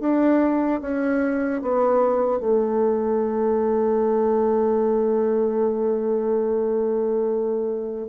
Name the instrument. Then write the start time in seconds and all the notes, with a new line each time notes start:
bassoon
0.00 D4
0.81 C#4
1.62 B3
2.40 A3